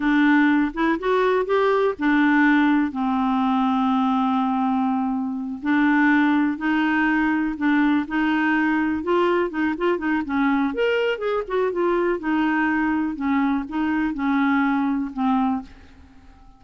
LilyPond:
\new Staff \with { instrumentName = "clarinet" } { \time 4/4 \tempo 4 = 123 d'4. e'8 fis'4 g'4 | d'2 c'2~ | c'2.~ c'8 d'8~ | d'4. dis'2 d'8~ |
d'8 dis'2 f'4 dis'8 | f'8 dis'8 cis'4 ais'4 gis'8 fis'8 | f'4 dis'2 cis'4 | dis'4 cis'2 c'4 | }